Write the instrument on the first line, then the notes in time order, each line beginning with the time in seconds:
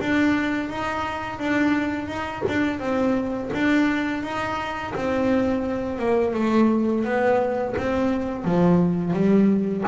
double bass
0.00 D4
0.69 D#4
1.39 D4
2.08 D#4
2.48 D4
2.79 C4
3.53 D4
4.23 D#4
4.94 C4
5.98 A#3
6.34 A3
7.04 B3
7.77 C4
8.44 F3
9.13 G3